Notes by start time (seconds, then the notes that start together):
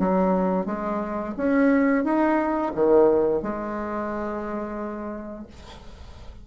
0.00 F#3
0.67 G#3
1.37 C#4
2.05 D#4
2.75 D#3
3.43 G#3